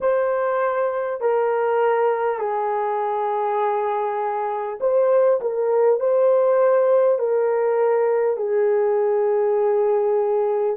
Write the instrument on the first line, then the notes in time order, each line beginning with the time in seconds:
horn
0.00 C5
1.20 A#4
2.38 G#4
4.80 C5
5.41 A#4
5.99 C5
7.18 A#4
8.37 G#4